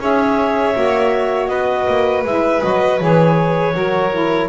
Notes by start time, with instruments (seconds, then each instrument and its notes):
0.00 double bass C#4, saxophone G#4, violin C#5, clarinet E5
0.75 double bass A#3, saxophone F#4
1.48 double bass B3, violin B4, clarinet D#5
1.88 double bass A#3
2.25 double bass G#3, saxophone E4, clarinet E5
2.62 double bass F#3, saxophone F#4, clarinet D#5
3.00 double bass E3, saxophone G#4, clarinet C#5
3.73 double bass F#3, saxophone F#4, violin A#4
4.11 saxophone E4